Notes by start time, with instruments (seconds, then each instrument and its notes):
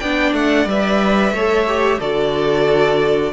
0.00 cello B3, viola D4, violin D5 G5
0.34 cello A3, violin F#5
0.66 cello G3, viola B4, violin E5
1.32 cello A3, viola A4, violin C#5
1.68 viola G4
2.00 cello D3, viola F#4, violin A4 D5